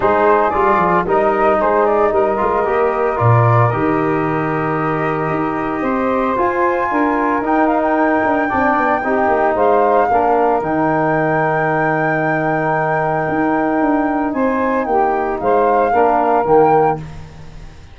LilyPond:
<<
  \new Staff \with { instrumentName = "flute" } { \time 4/4 \tempo 4 = 113 c''4 d''4 dis''4 c''8 d''8 | dis''2 d''4 dis''4~ | dis''1 | gis''2 g''8 f''16 g''4~ g''16~ |
g''2 f''2 | g''1~ | g''2. gis''4 | g''4 f''2 g''4 | }
  \new Staff \with { instrumentName = "saxophone" } { \time 4/4 gis'2 ais'4 gis'4 | ais'1~ | ais'2. c''4~ | c''4 ais'2. |
d''4 g'4 c''4 ais'4~ | ais'1~ | ais'2. c''4 | g'4 c''4 ais'2 | }
  \new Staff \with { instrumentName = "trombone" } { \time 4/4 dis'4 f'4 dis'2~ | dis'8 f'8 g'4 f'4 g'4~ | g'1 | f'2 dis'2 |
d'4 dis'2 d'4 | dis'1~ | dis'1~ | dis'2 d'4 ais4 | }
  \new Staff \with { instrumentName = "tuba" } { \time 4/4 gis4 g8 f8 g4 gis4 | g8 gis8 ais4 ais,4 dis4~ | dis2 dis'4 c'4 | f'4 d'4 dis'4. d'8 |
c'8 b8 c'8 ais8 gis4 ais4 | dis1~ | dis4 dis'4 d'4 c'4 | ais4 gis4 ais4 dis4 | }
>>